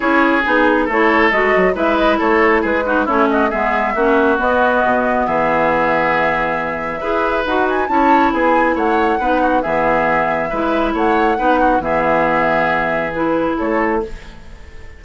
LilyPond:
<<
  \new Staff \with { instrumentName = "flute" } { \time 4/4 \tempo 4 = 137 cis''4 gis'4 cis''4 dis''4 | e''8 dis''8 cis''4 b'4 cis''8 dis''8 | e''2 dis''2 | e''1~ |
e''4 fis''8 gis''8 a''4 gis''4 | fis''2 e''2~ | e''4 fis''2 e''4~ | e''2 b'4 cis''4 | }
  \new Staff \with { instrumentName = "oboe" } { \time 4/4 gis'2 a'2 | b'4 a'4 gis'8 fis'8 e'8 fis'8 | gis'4 fis'2. | gis'1 |
b'2 cis''4 gis'4 | cis''4 b'8 fis'8 gis'2 | b'4 cis''4 b'8 fis'8 gis'4~ | gis'2. a'4 | }
  \new Staff \with { instrumentName = "clarinet" } { \time 4/4 e'4 dis'4 e'4 fis'4 | e'2~ e'8 dis'8 cis'4 | b4 cis'4 b2~ | b1 |
gis'4 fis'4 e'2~ | e'4 dis'4 b2 | e'2 dis'4 b4~ | b2 e'2 | }
  \new Staff \with { instrumentName = "bassoon" } { \time 4/4 cis'4 b4 a4 gis8 fis8 | gis4 a4 gis4 a4 | gis4 ais4 b4 b,4 | e1 |
e'4 dis'4 cis'4 b4 | a4 b4 e2 | gis4 a4 b4 e4~ | e2. a4 | }
>>